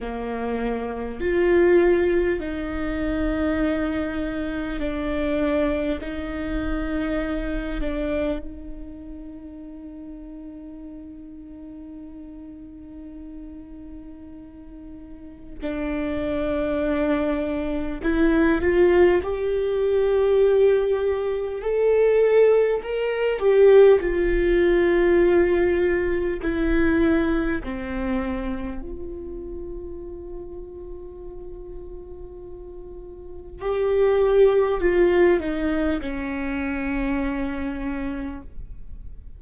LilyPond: \new Staff \with { instrumentName = "viola" } { \time 4/4 \tempo 4 = 50 ais4 f'4 dis'2 | d'4 dis'4. d'8 dis'4~ | dis'1~ | dis'4 d'2 e'8 f'8 |
g'2 a'4 ais'8 g'8 | f'2 e'4 c'4 | f'1 | g'4 f'8 dis'8 cis'2 | }